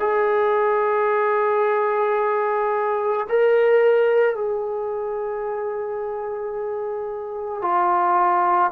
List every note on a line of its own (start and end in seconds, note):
0.00 3.27 G#4
3.29 4.35 A#4
4.35 7.62 G#4
7.62 8.71 F4